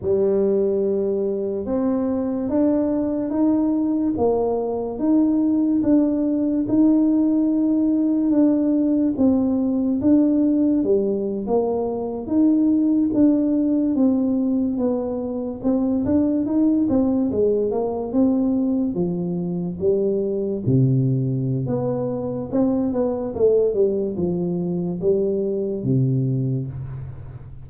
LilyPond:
\new Staff \with { instrumentName = "tuba" } { \time 4/4 \tempo 4 = 72 g2 c'4 d'4 | dis'4 ais4 dis'4 d'4 | dis'2 d'4 c'4 | d'4 g8. ais4 dis'4 d'16~ |
d'8. c'4 b4 c'8 d'8 dis'16~ | dis'16 c'8 gis8 ais8 c'4 f4 g16~ | g8. c4~ c16 b4 c'8 b8 | a8 g8 f4 g4 c4 | }